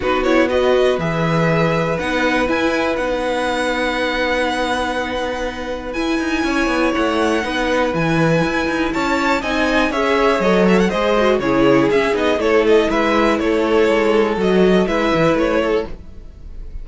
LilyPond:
<<
  \new Staff \with { instrumentName = "violin" } { \time 4/4 \tempo 4 = 121 b'8 cis''8 dis''4 e''2 | fis''4 gis''4 fis''2~ | fis''1 | gis''2 fis''2 |
gis''2 a''4 gis''4 | e''4 dis''8 e''16 fis''16 dis''4 cis''4 | e''8 dis''8 cis''8 dis''8 e''4 cis''4~ | cis''4 dis''4 e''4 cis''4 | }
  \new Staff \with { instrumentName = "violin" } { \time 4/4 fis'4 b'2.~ | b'1~ | b'1~ | b'4 cis''2 b'4~ |
b'2 cis''4 dis''4 | cis''2 c''4 gis'4~ | gis'4 a'4 b'4 a'4~ | a'2 b'4. a'8 | }
  \new Staff \with { instrumentName = "viola" } { \time 4/4 dis'8 e'8 fis'4 gis'2 | dis'4 e'4 dis'2~ | dis'1 | e'2. dis'4 |
e'2. dis'4 | gis'4 a'4 gis'8 fis'8 e'4 | cis'8 dis'8 e'2.~ | e'4 fis'4 e'2 | }
  \new Staff \with { instrumentName = "cello" } { \time 4/4 b2 e2 | b4 e'4 b2~ | b1 | e'8 dis'8 cis'8 b8 a4 b4 |
e4 e'8 dis'8 cis'4 c'4 | cis'4 fis4 gis4 cis4 | cis'8 b8 a4 gis4 a4 | gis4 fis4 gis8 e8 a4 | }
>>